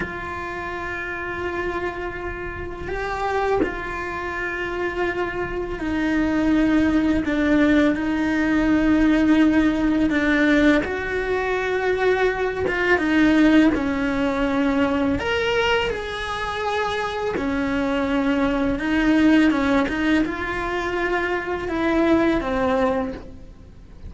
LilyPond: \new Staff \with { instrumentName = "cello" } { \time 4/4 \tempo 4 = 83 f'1 | g'4 f'2. | dis'2 d'4 dis'4~ | dis'2 d'4 fis'4~ |
fis'4. f'8 dis'4 cis'4~ | cis'4 ais'4 gis'2 | cis'2 dis'4 cis'8 dis'8 | f'2 e'4 c'4 | }